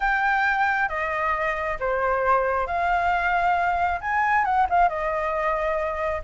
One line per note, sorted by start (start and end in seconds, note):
0.00 0.88 G5
0.88 1.77 D#5
1.79 2.66 C5
2.66 4.00 F5
4.01 4.44 G#5
4.44 4.66 F#5
4.69 4.88 F5
4.88 6.22 D#5